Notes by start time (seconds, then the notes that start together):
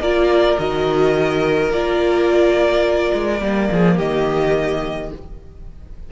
0.00 A#3 F4 A#4 D5
0.59 D#3 F#4 D#5
1.69 A#3 F4 D5
3.14 G#3
3.40 G3 A#3
3.71 F3 G#4
3.97 D#3 G4 D#5